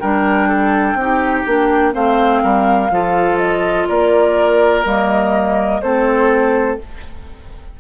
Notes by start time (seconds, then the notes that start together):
0.00 G3 D4 A#4 G5
0.49 A4
0.95 C4 D#4
1.01 G4
1.47 A#3 D4
1.93 A3 C4 C5 F5
2.43 G3 A#4
2.91 F3 F4 A4
3.38 D#5
3.88 A#3 A#4 D5
4.85 G3 A#3 D#5
5.82 A3 C4 A4 C5